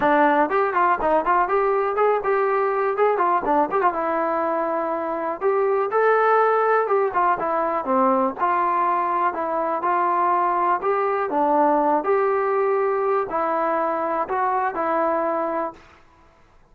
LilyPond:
\new Staff \with { instrumentName = "trombone" } { \time 4/4 \tempo 4 = 122 d'4 g'8 f'8 dis'8 f'8 g'4 | gis'8 g'4. gis'8 f'8 d'8 g'16 f'16 | e'2. g'4 | a'2 g'8 f'8 e'4 |
c'4 f'2 e'4 | f'2 g'4 d'4~ | d'8 g'2~ g'8 e'4~ | e'4 fis'4 e'2 | }